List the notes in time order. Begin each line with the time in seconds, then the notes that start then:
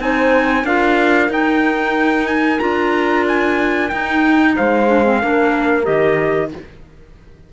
0.00 C4 D#4 C5 G#5
0.65 D4 F4 A#4 F5
1.29 D#4 G5
2.27 G#5
2.60 D4 F4 A#5
3.28 G#5
3.89 D#4 G5
4.56 G#3 C5 F5
4.87 D4
5.04 C4
5.21 A#3 D4 A#4
5.84 D#3 G4 D#5